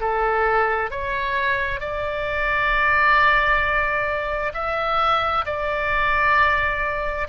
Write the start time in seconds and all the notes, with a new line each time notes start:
0.00 A4
0.90 C#5
1.80 D5
4.54 E5
5.45 D5